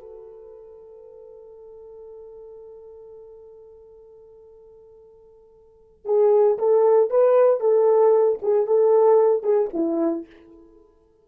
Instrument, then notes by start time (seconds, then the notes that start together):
horn
0.00 A4
6.05 G#4
6.58 A4
7.10 B4
7.60 A4
8.42 G#4
8.66 A4
9.43 G#4
9.73 E4